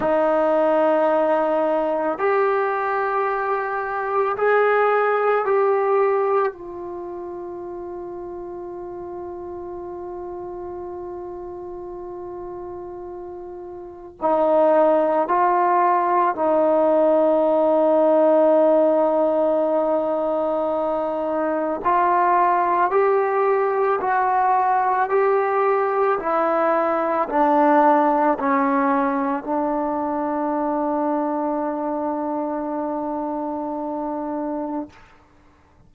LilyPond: \new Staff \with { instrumentName = "trombone" } { \time 4/4 \tempo 4 = 55 dis'2 g'2 | gis'4 g'4 f'2~ | f'1~ | f'4 dis'4 f'4 dis'4~ |
dis'1 | f'4 g'4 fis'4 g'4 | e'4 d'4 cis'4 d'4~ | d'1 | }